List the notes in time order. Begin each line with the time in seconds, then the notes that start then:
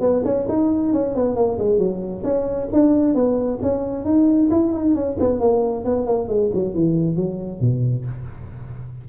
0.00 B3
0.24 C#4
0.48 D#4
0.93 C#4
1.15 B3
1.36 A#3
1.59 G#3
1.78 F#3
2.24 C#4
2.72 D4
3.14 B3
3.62 C#4
4.04 D#4
4.51 E4
4.72 D#4
4.95 C#4
5.20 B3
5.39 A#3
5.84 B3
6.06 A#3
6.28 G#3
6.54 F#3
6.74 E3
7.16 F#3
7.60 B2